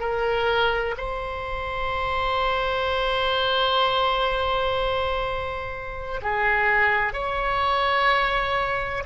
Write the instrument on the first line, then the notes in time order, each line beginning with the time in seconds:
oboe
0.00 A#4
0.97 C5
6.23 G#4
7.13 C#5